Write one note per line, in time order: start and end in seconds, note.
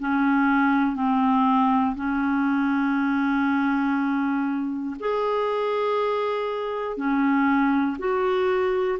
0.00 0.95 C#4
0.95 1.95 C4
1.96 4.96 C#4
5.00 6.97 G#4
6.97 7.97 C#4
7.99 8.99 F#4